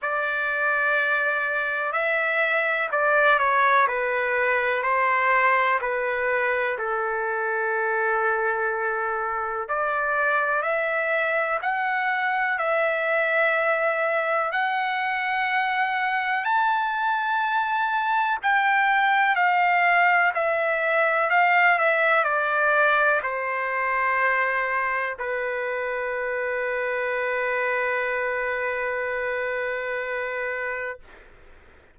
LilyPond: \new Staff \with { instrumentName = "trumpet" } { \time 4/4 \tempo 4 = 62 d''2 e''4 d''8 cis''8 | b'4 c''4 b'4 a'4~ | a'2 d''4 e''4 | fis''4 e''2 fis''4~ |
fis''4 a''2 g''4 | f''4 e''4 f''8 e''8 d''4 | c''2 b'2~ | b'1 | }